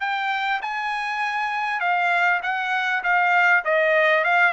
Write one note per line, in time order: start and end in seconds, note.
0.00 0.61 G5
0.62 1.80 G#5
1.80 2.41 F5
2.42 3.03 F#5
3.03 3.64 F5
3.64 4.24 D#5
4.24 4.52 F5